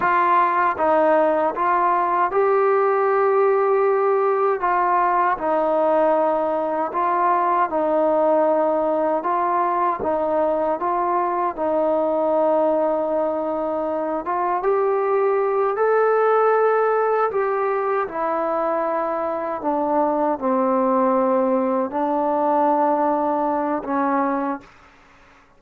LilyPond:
\new Staff \with { instrumentName = "trombone" } { \time 4/4 \tempo 4 = 78 f'4 dis'4 f'4 g'4~ | g'2 f'4 dis'4~ | dis'4 f'4 dis'2 | f'4 dis'4 f'4 dis'4~ |
dis'2~ dis'8 f'8 g'4~ | g'8 a'2 g'4 e'8~ | e'4. d'4 c'4.~ | c'8 d'2~ d'8 cis'4 | }